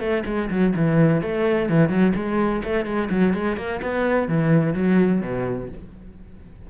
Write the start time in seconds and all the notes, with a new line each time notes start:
0.00 A3
0.26 G#3
0.50 F#3
0.76 E3
1.22 A3
1.69 E3
1.89 F#3
2.16 G#3
2.64 A3
2.86 G#3
3.11 F#3
3.34 G#3
3.57 A#3
3.82 B3
4.29 E3
4.74 F#3
5.21 B2